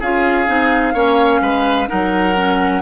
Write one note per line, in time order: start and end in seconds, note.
0.00 0.48 C#4
0.00 0.47 F4
0.00 0.94 G#4
0.00 1.89 F5
0.47 0.94 C4
0.47 0.94 D#4
0.94 1.41 A#3
0.94 1.88 C#4
0.94 1.41 C#5
1.41 1.88 G#3
1.41 1.89 B4
1.88 2.82 F#3
1.88 2.34 D#4
1.88 2.82 A#4
1.88 2.82 F#5
2.36 2.82 C#4